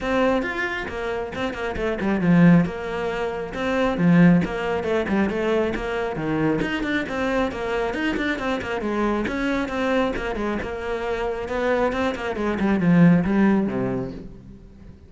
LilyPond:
\new Staff \with { instrumentName = "cello" } { \time 4/4 \tempo 4 = 136 c'4 f'4 ais4 c'8 ais8 | a8 g8 f4 ais2 | c'4 f4 ais4 a8 g8 | a4 ais4 dis4 dis'8 d'8 |
c'4 ais4 dis'8 d'8 c'8 ais8 | gis4 cis'4 c'4 ais8 gis8 | ais2 b4 c'8 ais8 | gis8 g8 f4 g4 c4 | }